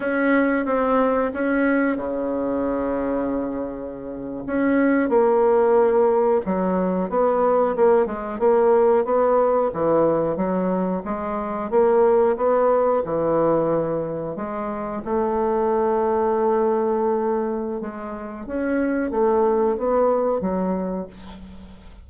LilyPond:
\new Staff \with { instrumentName = "bassoon" } { \time 4/4 \tempo 4 = 91 cis'4 c'4 cis'4 cis4~ | cis2~ cis8. cis'4 ais16~ | ais4.~ ais16 fis4 b4 ais16~ | ais16 gis8 ais4 b4 e4 fis16~ |
fis8. gis4 ais4 b4 e16~ | e4.~ e16 gis4 a4~ a16~ | a2. gis4 | cis'4 a4 b4 fis4 | }